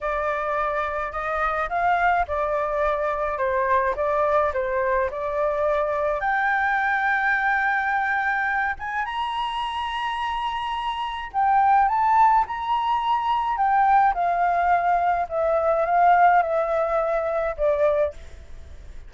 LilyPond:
\new Staff \with { instrumentName = "flute" } { \time 4/4 \tempo 4 = 106 d''2 dis''4 f''4 | d''2 c''4 d''4 | c''4 d''2 g''4~ | g''2.~ g''8 gis''8 |
ais''1 | g''4 a''4 ais''2 | g''4 f''2 e''4 | f''4 e''2 d''4 | }